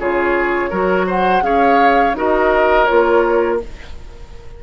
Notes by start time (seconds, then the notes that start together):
0.00 C#3 F4 G#4 C#5
0.70 F#3 F#4 A#4
1.07 C5 F#5
1.41 C#4 G#4 C#5 F5
2.14 D#4 F#4 A#4 D#5
2.86 A#3 F4 C#5